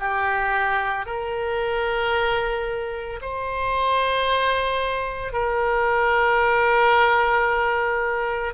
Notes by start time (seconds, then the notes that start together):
0.00 G4
1.06 A#4
3.22 C5
5.33 A#4